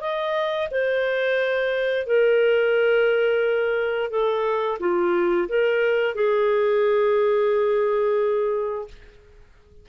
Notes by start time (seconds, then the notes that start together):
0.00 D#5
0.70 C5
2.06 A#4
4.10 A4
4.79 F4
5.48 A#4
6.15 G#4